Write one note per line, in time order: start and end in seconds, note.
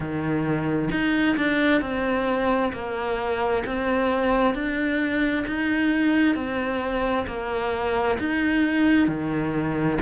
0.00 0.89 D#3
0.91 1.36 D#4
1.36 1.81 D4
1.81 2.72 C4
2.72 3.63 A#3
3.66 4.54 C4
4.54 5.45 D4
5.46 6.35 D#4
6.35 7.26 C4
7.26 8.17 A#3
8.19 9.07 D#4
9.07 9.98 D#3